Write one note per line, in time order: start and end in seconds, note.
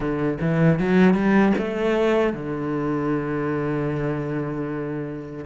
0.00 0.38 D3
0.41 0.79 E3
0.79 1.14 F#3
1.14 1.53 G3
1.58 2.33 A3
2.33 5.44 D3